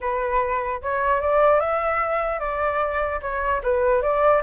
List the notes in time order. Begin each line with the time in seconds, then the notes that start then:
0.01 B4
0.82 C#5
1.20 D5
1.60 E5
2.39 D5
3.21 C#5
3.63 B4
4.02 D5